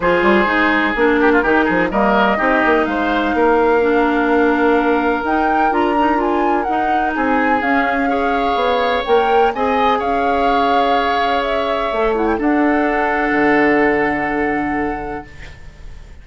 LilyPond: <<
  \new Staff \with { instrumentName = "flute" } { \time 4/4 \tempo 4 = 126 c''2 ais'2 | dis''2 f''2~ | f''2. g''4 | ais''4 gis''4 fis''4 gis''4 |
f''2. g''4 | gis''4 f''2. | e''4. fis''16 g''16 fis''2~ | fis''1 | }
  \new Staff \with { instrumentName = "oboe" } { \time 4/4 gis'2~ gis'8 g'16 f'16 g'8 gis'8 | ais'4 g'4 c''4 ais'4~ | ais'1~ | ais'2. gis'4~ |
gis'4 cis''2. | dis''4 cis''2.~ | cis''2 a'2~ | a'1 | }
  \new Staff \with { instrumentName = "clarinet" } { \time 4/4 f'4 dis'4 d'4 dis'4 | ais4 dis'2. | d'2. dis'4 | f'8 dis'8 f'4 dis'2 |
cis'4 gis'2 ais'4 | gis'1~ | gis'4 a'8 e'8 d'2~ | d'1 | }
  \new Staff \with { instrumentName = "bassoon" } { \time 4/4 f8 g8 gis4 ais4 dis8 f8 | g4 c'8 ais8 gis4 ais4~ | ais2. dis'4 | d'2 dis'4 c'4 |
cis'2 b4 ais4 | c'4 cis'2.~ | cis'4 a4 d'2 | d1 | }
>>